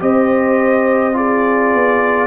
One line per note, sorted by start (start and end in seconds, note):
0.00 1.74 C4
0.00 1.13 G4
0.00 1.17 C5
0.00 1.17 D#5
1.13 2.27 F4
1.13 2.27 G#4
1.13 2.27 D5
1.74 2.27 B3